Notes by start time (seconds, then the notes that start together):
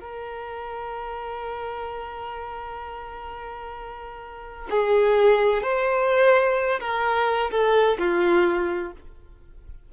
0.00 A#4
4.70 G#4
5.63 C5
6.81 A#4
7.51 A4
7.99 F4